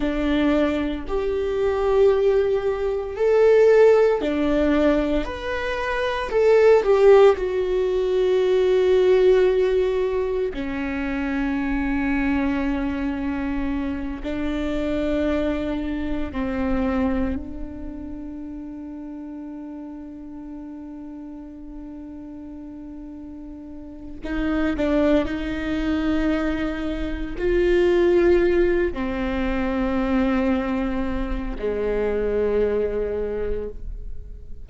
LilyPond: \new Staff \with { instrumentName = "viola" } { \time 4/4 \tempo 4 = 57 d'4 g'2 a'4 | d'4 b'4 a'8 g'8 fis'4~ | fis'2 cis'2~ | cis'4. d'2 c'8~ |
c'8 d'2.~ d'8~ | d'2. dis'8 d'8 | dis'2 f'4. c'8~ | c'2 gis2 | }